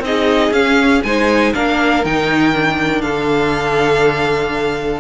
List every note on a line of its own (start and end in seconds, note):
0.00 0.50 C4
0.00 0.52 D#4
0.00 0.53 D#5
0.06 1.06 G#4
0.51 1.01 C#4
0.51 1.02 C#4
0.51 1.03 F5
1.03 1.54 G#3
1.03 1.54 D#4
1.03 1.55 C5
1.03 1.53 G#5
1.54 2.05 A#3
1.54 2.04 D4
1.54 3.02 A#4
1.54 2.05 F5
2.05 3.02 D#3
2.05 2.53 D#4
2.05 3.02 G5
2.53 5.00 D4
3.02 5.00 D3
3.02 5.00 A4
3.02 5.00 F5